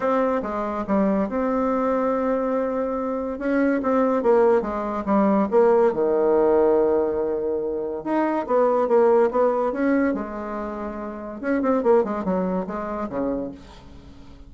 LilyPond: \new Staff \with { instrumentName = "bassoon" } { \time 4/4 \tempo 4 = 142 c'4 gis4 g4 c'4~ | c'1 | cis'4 c'4 ais4 gis4 | g4 ais4 dis2~ |
dis2. dis'4 | b4 ais4 b4 cis'4 | gis2. cis'8 c'8 | ais8 gis8 fis4 gis4 cis4 | }